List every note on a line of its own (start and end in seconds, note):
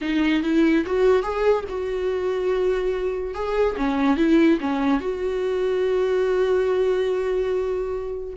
0.01 0.42 D#4
0.43 0.84 E4
0.86 1.22 F#4
1.22 1.64 G#4
1.68 3.34 F#4
3.34 3.76 G#4
3.76 4.17 C#4
4.17 4.58 E4
4.60 5.00 C#4
5.00 8.34 F#4